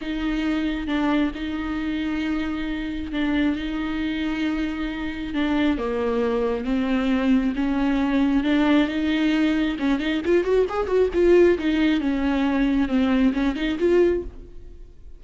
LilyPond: \new Staff \with { instrumentName = "viola" } { \time 4/4 \tempo 4 = 135 dis'2 d'4 dis'4~ | dis'2. d'4 | dis'1 | d'4 ais2 c'4~ |
c'4 cis'2 d'4 | dis'2 cis'8 dis'8 f'8 fis'8 | gis'8 fis'8 f'4 dis'4 cis'4~ | cis'4 c'4 cis'8 dis'8 f'4 | }